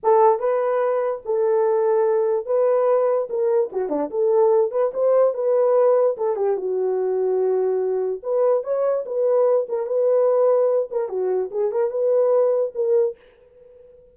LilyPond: \new Staff \with { instrumentName = "horn" } { \time 4/4 \tempo 4 = 146 a'4 b'2 a'4~ | a'2 b'2 | ais'4 fis'8 d'8 a'4. b'8 | c''4 b'2 a'8 g'8 |
fis'1 | b'4 cis''4 b'4. ais'8 | b'2~ b'8 ais'8 fis'4 | gis'8 ais'8 b'2 ais'4 | }